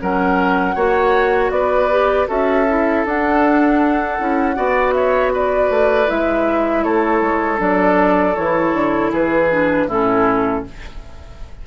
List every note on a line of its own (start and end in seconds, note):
0.00 0.75 F#3
0.00 0.76 C#4
0.00 0.75 A#4
0.00 1.51 F#5
0.75 1.51 A#3
0.75 1.90 F#4
0.75 1.51 C#5
1.51 2.27 B3
1.51 2.28 B4
1.51 2.27 D5
1.90 2.27 G4
2.27 3.05 C#4
2.27 2.65 F#4
2.27 4.56 A4
2.27 3.05 E5
2.68 3.06 E4
3.05 4.19 D4
3.05 4.93 F#5
4.19 4.57 C#4
4.19 4.55 E4
4.55 5.70 B3
4.55 6.07 F#4
4.55 4.94 D5
4.93 5.33 C#5
4.93 5.31 E5
5.33 6.84 B4
5.33 6.10 D5
5.70 6.08 A3
6.07 6.85 G#3
6.07 7.57 E4
6.07 6.84 E5
6.84 7.21 A3
6.84 9.11 A4
6.84 7.59 C#5
7.21 7.59 G#3
7.57 8.35 F#3
7.57 8.33 D4
7.57 8.35 D5
8.35 8.73 E3
8.35 9.51 E4
8.35 9.11 C#5
8.73 9.11 D3
9.11 9.87 E3
9.11 9.87 G#4
9.11 9.90 B4
9.51 9.89 D4
9.87 10.63 A2
9.87 10.65 C#4
9.87 10.64 E4
9.87 10.66 A4